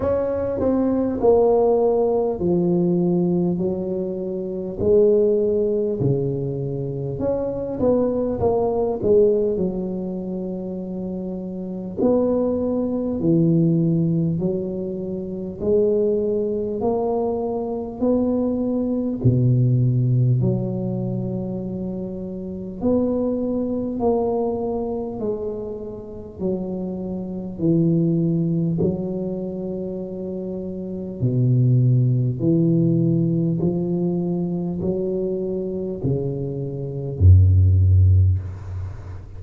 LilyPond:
\new Staff \with { instrumentName = "tuba" } { \time 4/4 \tempo 4 = 50 cis'8 c'8 ais4 f4 fis4 | gis4 cis4 cis'8 b8 ais8 gis8 | fis2 b4 e4 | fis4 gis4 ais4 b4 |
b,4 fis2 b4 | ais4 gis4 fis4 e4 | fis2 b,4 e4 | f4 fis4 cis4 fis,4 | }